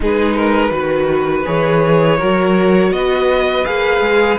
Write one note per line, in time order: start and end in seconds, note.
0.00 0.71 G#3
0.00 0.70 D#4
0.00 0.35 G#4
0.00 1.46 B4
0.35 0.72 A#4
0.70 1.44 D#3
0.70 1.43 F#4
0.70 2.17 B4
1.45 2.20 E3
1.45 2.18 G#4
1.45 2.92 C#5
2.17 2.91 F#3
2.17 3.65 F#4
2.17 2.90 A#4
2.91 3.64 B3
2.91 4.38 B4
2.91 3.65 D#5
3.65 4.00 A#3
3.65 4.38 G#4
3.65 4.38 F5
4.00 4.36 G#3